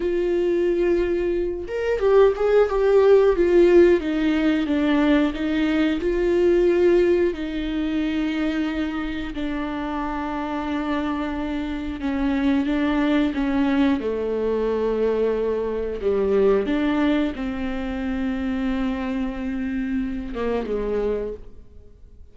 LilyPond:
\new Staff \with { instrumentName = "viola" } { \time 4/4 \tempo 4 = 90 f'2~ f'8 ais'8 g'8 gis'8 | g'4 f'4 dis'4 d'4 | dis'4 f'2 dis'4~ | dis'2 d'2~ |
d'2 cis'4 d'4 | cis'4 a2. | g4 d'4 c'2~ | c'2~ c'8 ais8 gis4 | }